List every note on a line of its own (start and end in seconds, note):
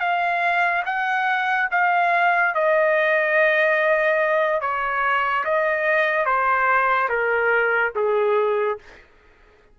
0.00 0.83 F5
0.86 1.69 F#5
1.72 2.55 F5
2.55 4.61 D#5
4.61 5.45 C#5
5.45 6.26 D#5
6.26 7.09 C5
7.09 7.93 A#4
7.95 8.79 G#4